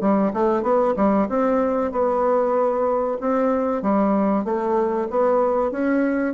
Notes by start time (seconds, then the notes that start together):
0.00 G3
0.33 A3
0.62 B3
0.96 G3
1.29 C4
1.91 B3
3.20 C4
3.82 G3
4.44 A3
5.10 B3
5.71 C#4